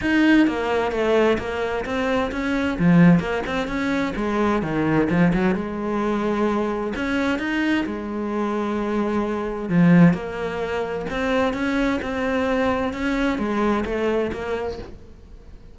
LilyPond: \new Staff \with { instrumentName = "cello" } { \time 4/4 \tempo 4 = 130 dis'4 ais4 a4 ais4 | c'4 cis'4 f4 ais8 c'8 | cis'4 gis4 dis4 f8 fis8 | gis2. cis'4 |
dis'4 gis2.~ | gis4 f4 ais2 | c'4 cis'4 c'2 | cis'4 gis4 a4 ais4 | }